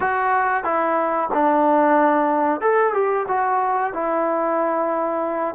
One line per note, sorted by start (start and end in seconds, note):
0.00 0.63 F#4
0.63 1.29 E4
1.33 2.61 D4
2.61 2.93 A4
2.93 3.26 G4
3.28 3.93 F#4
3.93 5.55 E4